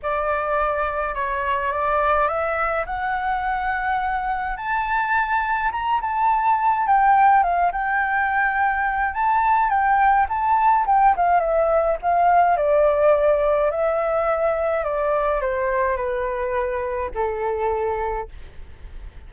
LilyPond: \new Staff \with { instrumentName = "flute" } { \time 4/4 \tempo 4 = 105 d''2 cis''4 d''4 | e''4 fis''2. | a''2 ais''8 a''4. | g''4 f''8 g''2~ g''8 |
a''4 g''4 a''4 g''8 f''8 | e''4 f''4 d''2 | e''2 d''4 c''4 | b'2 a'2 | }